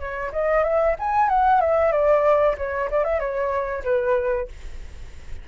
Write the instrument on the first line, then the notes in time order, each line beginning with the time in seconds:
flute
0.00 C#5
0.33 D#5
0.64 E5
1.00 G#5
1.29 F#5
1.61 E5
1.92 D5
2.58 C#5
2.91 D5
3.04 E5
3.20 C#5
3.84 B4